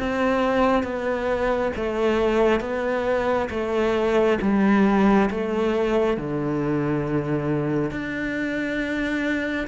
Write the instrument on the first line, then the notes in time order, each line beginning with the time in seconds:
cello
0.00 C4
0.83 B3
1.76 A3
2.61 B3
3.50 A3
4.42 G3
5.30 A3
6.17 D3
7.91 D4